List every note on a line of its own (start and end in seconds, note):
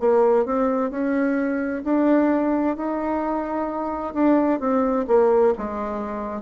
0.00 0.46 A#3
0.46 0.91 C4
0.91 1.83 C#4
1.85 2.77 D4
2.77 4.14 D#4
4.14 4.60 D4
4.60 5.06 C4
5.08 5.54 A#3
5.58 6.42 G#3